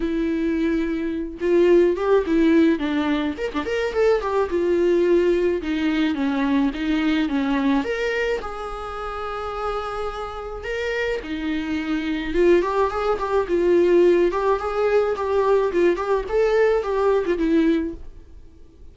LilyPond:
\new Staff \with { instrumentName = "viola" } { \time 4/4 \tempo 4 = 107 e'2~ e'8 f'4 g'8 | e'4 d'4 ais'16 d'16 ais'8 a'8 g'8 | f'2 dis'4 cis'4 | dis'4 cis'4 ais'4 gis'4~ |
gis'2. ais'4 | dis'2 f'8 g'8 gis'8 g'8 | f'4. g'8 gis'4 g'4 | f'8 g'8 a'4 g'8. f'16 e'4 | }